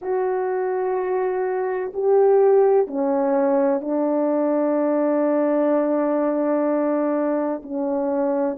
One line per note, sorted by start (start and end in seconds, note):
0.01 1.92 F#4
1.93 2.87 G4
2.87 3.81 C#4
3.81 7.61 D4
7.62 8.57 C#4